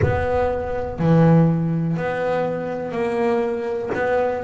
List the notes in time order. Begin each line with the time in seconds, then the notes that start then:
0.02 B3
0.98 E3
1.96 B3
2.92 A#3
3.94 B3